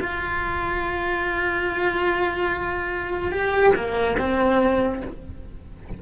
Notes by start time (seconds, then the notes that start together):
0.00 F4
3.31 G4
3.75 A#3
4.18 C4